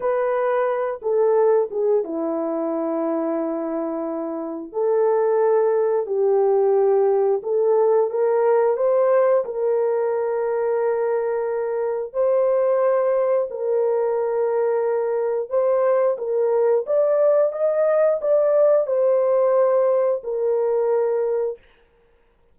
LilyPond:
\new Staff \with { instrumentName = "horn" } { \time 4/4 \tempo 4 = 89 b'4. a'4 gis'8 e'4~ | e'2. a'4~ | a'4 g'2 a'4 | ais'4 c''4 ais'2~ |
ais'2 c''2 | ais'2. c''4 | ais'4 d''4 dis''4 d''4 | c''2 ais'2 | }